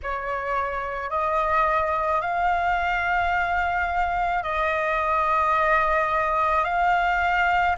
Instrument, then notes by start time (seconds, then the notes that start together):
flute
0.03 C#5
1.10 D#5
2.21 F5
4.43 D#5
6.64 F5